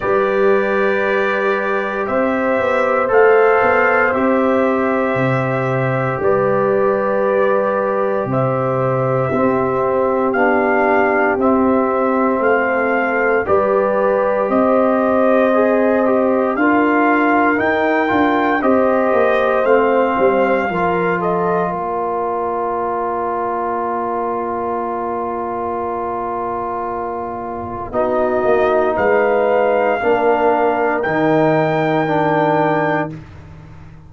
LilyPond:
<<
  \new Staff \with { instrumentName = "trumpet" } { \time 4/4 \tempo 4 = 58 d''2 e''4 f''4 | e''2 d''2 | e''2 f''4 e''4 | f''4 d''4 dis''2 |
f''4 g''4 dis''4 f''4~ | f''8 dis''8 d''2.~ | d''2. dis''4 | f''2 g''2 | }
  \new Staff \with { instrumentName = "horn" } { \time 4/4 b'2 c''2~ | c''2 b'2 | c''4 g'2. | a'4 b'4 c''2 |
ais'2 c''2 | ais'8 a'8 ais'2.~ | ais'2. fis'4 | b'4 ais'2. | }
  \new Staff \with { instrumentName = "trombone" } { \time 4/4 g'2. a'4 | g'1~ | g'4 c'4 d'4 c'4~ | c'4 g'2 gis'8 g'8 |
f'4 dis'8 f'8 g'4 c'4 | f'1~ | f'2. dis'4~ | dis'4 d'4 dis'4 d'4 | }
  \new Staff \with { instrumentName = "tuba" } { \time 4/4 g2 c'8 b8 a8 b8 | c'4 c4 g2 | c4 c'4 b4 c'4 | a4 g4 c'2 |
d'4 dis'8 d'8 c'8 ais8 a8 g8 | f4 ais2.~ | ais2. b8 ais8 | gis4 ais4 dis2 | }
>>